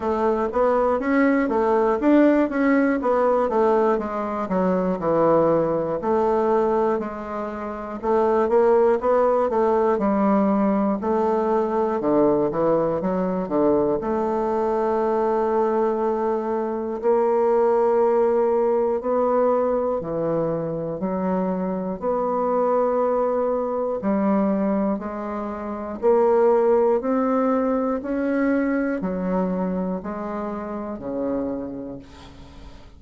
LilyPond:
\new Staff \with { instrumentName = "bassoon" } { \time 4/4 \tempo 4 = 60 a8 b8 cis'8 a8 d'8 cis'8 b8 a8 | gis8 fis8 e4 a4 gis4 | a8 ais8 b8 a8 g4 a4 | d8 e8 fis8 d8 a2~ |
a4 ais2 b4 | e4 fis4 b2 | g4 gis4 ais4 c'4 | cis'4 fis4 gis4 cis4 | }